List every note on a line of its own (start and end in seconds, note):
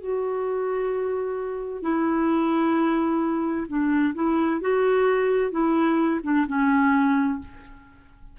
0.00 1.82 F#4
1.82 3.67 E4
3.68 4.14 D4
4.15 4.61 E4
4.61 5.51 F#4
5.51 6.21 E4
6.23 6.46 D4
6.47 7.39 C#4